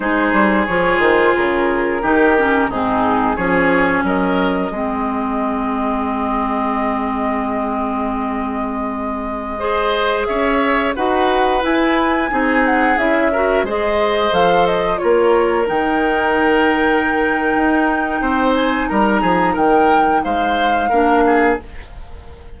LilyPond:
<<
  \new Staff \with { instrumentName = "flute" } { \time 4/4 \tempo 4 = 89 c''4 cis''8 c''8 ais'2 | gis'4 cis''4 dis''2~ | dis''1~ | dis''2.~ dis''16 e''8.~ |
e''16 fis''4 gis''4. fis''8 e''8.~ | e''16 dis''4 f''8 dis''8 cis''4 g''8.~ | g''2.~ g''8 gis''8 | ais''4 g''4 f''2 | }
  \new Staff \with { instrumentName = "oboe" } { \time 4/4 gis'2. g'4 | dis'4 gis'4 ais'4 gis'4~ | gis'1~ | gis'2~ gis'16 c''4 cis''8.~ |
cis''16 b'2 gis'4. ais'16~ | ais'16 c''2 ais'4.~ ais'16~ | ais'2. c''4 | ais'8 gis'8 ais'4 c''4 ais'8 gis'8 | }
  \new Staff \with { instrumentName = "clarinet" } { \time 4/4 dis'4 f'2 dis'8 cis'8 | c'4 cis'2 c'4~ | c'1~ | c'2~ c'16 gis'4.~ gis'16~ |
gis'16 fis'4 e'4 dis'4 e'8 fis'16~ | fis'16 gis'4 a'4 f'4 dis'8.~ | dis'1~ | dis'2. d'4 | }
  \new Staff \with { instrumentName = "bassoon" } { \time 4/4 gis8 g8 f8 dis8 cis4 dis4 | gis,4 f4 fis4 gis4~ | gis1~ | gis2.~ gis16 cis'8.~ |
cis'16 dis'4 e'4 c'4 cis'8.~ | cis'16 gis4 f4 ais4 dis8.~ | dis2 dis'4 c'4 | g8 f8 dis4 gis4 ais4 | }
>>